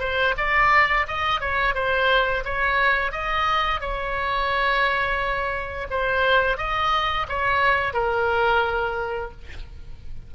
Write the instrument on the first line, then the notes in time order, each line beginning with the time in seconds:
oboe
0.00 C5
0.38 D5
1.08 D#5
1.40 C#5
1.75 C5
2.45 C#5
3.12 D#5
3.81 C#5
5.90 C5
6.58 D#5
7.29 C#5
7.93 A#4